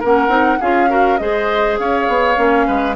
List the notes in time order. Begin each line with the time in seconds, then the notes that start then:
0.00 A#3 C#4 A#4 F#5
0.28 C4 D#4
0.60 C#4 F4 G#4 F5
0.89 F#4 A#4
1.18 G#3 G#4 C5 D#5
1.79 C#4 C#5 F5
2.08 B3
2.36 A#3 C#4
2.67 G#3 B4